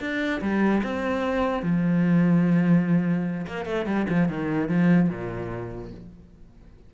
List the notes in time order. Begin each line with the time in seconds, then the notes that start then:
0.00 D4
0.41 G3
0.83 C4
1.63 F3
3.47 A#3
3.65 A3
3.86 G3
4.09 F3
4.28 D#3
4.68 F3
5.09 A#2